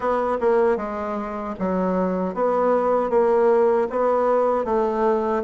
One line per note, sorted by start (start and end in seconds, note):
0.00 0.37 B3
0.40 0.77 A#3
0.77 1.54 G#3
1.59 2.34 F#3
2.34 3.10 B3
3.10 3.87 A#3
3.90 4.64 B3
4.64 5.42 A3